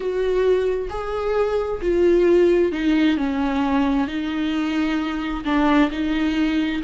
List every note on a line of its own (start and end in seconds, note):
0.00 0.88 F#4
0.89 1.80 G#4
1.81 2.71 F4
2.71 3.17 D#4
3.17 4.07 C#4
4.07 5.44 D#4
5.44 5.90 D4
5.91 6.82 D#4